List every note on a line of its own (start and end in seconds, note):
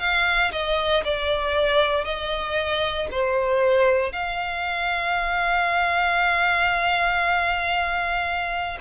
0.00 0.52 F5
0.52 1.04 D#5
1.05 2.05 D5
2.05 3.08 D#5
3.11 4.13 C5
4.13 8.78 F5